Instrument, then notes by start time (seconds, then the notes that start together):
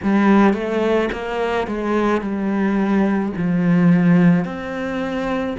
cello
0.03 G3
0.53 A3
1.12 A#3
1.67 G#3
2.21 G3
3.36 F3
4.44 C4